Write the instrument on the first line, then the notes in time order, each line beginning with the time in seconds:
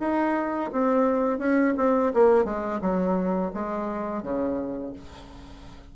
bassoon
0.00 D#4
0.72 C4
1.39 C#4
1.77 C4
2.14 A#3
2.44 G#3
2.81 F#3
3.54 G#3
4.22 C#3